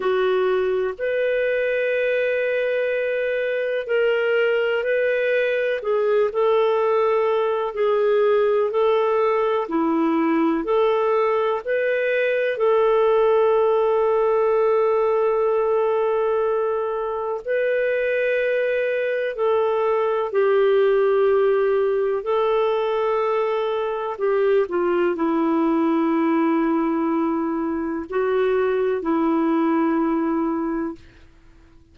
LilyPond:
\new Staff \with { instrumentName = "clarinet" } { \time 4/4 \tempo 4 = 62 fis'4 b'2. | ais'4 b'4 gis'8 a'4. | gis'4 a'4 e'4 a'4 | b'4 a'2.~ |
a'2 b'2 | a'4 g'2 a'4~ | a'4 g'8 f'8 e'2~ | e'4 fis'4 e'2 | }